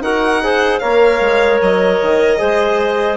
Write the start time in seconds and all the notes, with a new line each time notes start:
0.00 D#4 F#4 A#4 F#5
0.43 G#4 C5
0.79 A#3 A#4 C#5 F5
1.20 G#3
1.61 F#3 D#5
2.01 D#3
2.37 G#3 G#4 C5